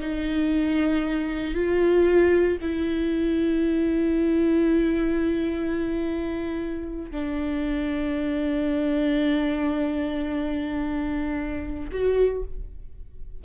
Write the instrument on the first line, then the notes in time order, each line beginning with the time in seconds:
viola
0.00 D#4
1.55 F4
2.61 E4
7.11 D4
11.92 F#4